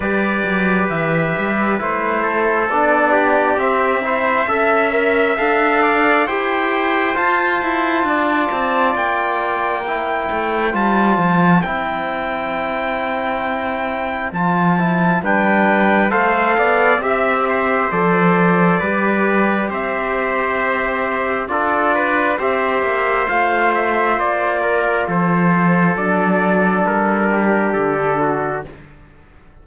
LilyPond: <<
  \new Staff \with { instrumentName = "trumpet" } { \time 4/4 \tempo 4 = 67 d''4 e''4 c''4 d''4 | e''2 f''4 g''4 | a''2 g''2 | a''4 g''2. |
a''4 g''4 f''4 e''4 | d''2 e''2 | d''4 e''4 f''8 e''8 d''4 | c''4 d''4 ais'4 a'4 | }
  \new Staff \with { instrumentName = "trumpet" } { \time 4/4 b'2~ b'8 a'4 g'8~ | g'8 c''8 e''4. d''8 c''4~ | c''4 d''2 c''4~ | c''1~ |
c''4 b'4 c''8 d''8 e''8 c''8~ | c''4 b'4 c''2 | a'8 b'8 c''2~ c''8 ais'8 | a'2~ a'8 g'4 fis'8 | }
  \new Staff \with { instrumentName = "trombone" } { \time 4/4 g'2 e'4 d'4 | c'8 e'8 a'8 ais'8 a'4 g'4 | f'2. e'4 | f'4 e'2. |
f'8 e'8 d'4 a'4 g'4 | a'4 g'2. | f'4 g'4 f'2~ | f'4 d'2. | }
  \new Staff \with { instrumentName = "cello" } { \time 4/4 g8 fis8 e8 g8 a4 b4 | c'4 cis'4 d'4 e'4 | f'8 e'8 d'8 c'8 ais4. a8 | g8 f8 c'2. |
f4 g4 a8 b8 c'4 | f4 g4 c'2 | d'4 c'8 ais8 a4 ais4 | f4 fis4 g4 d4 | }
>>